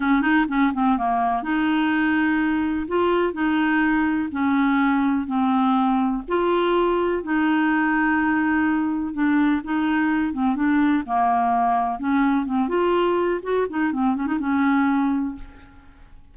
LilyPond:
\new Staff \with { instrumentName = "clarinet" } { \time 4/4 \tempo 4 = 125 cis'8 dis'8 cis'8 c'8 ais4 dis'4~ | dis'2 f'4 dis'4~ | dis'4 cis'2 c'4~ | c'4 f'2 dis'4~ |
dis'2. d'4 | dis'4. c'8 d'4 ais4~ | ais4 cis'4 c'8 f'4. | fis'8 dis'8 c'8 cis'16 dis'16 cis'2 | }